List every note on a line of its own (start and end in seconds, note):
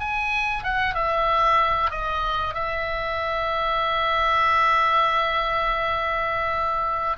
0.00 0.63 G#5
0.63 0.95 F#5
0.95 1.91 E5
1.91 2.54 D#5
2.54 7.17 E5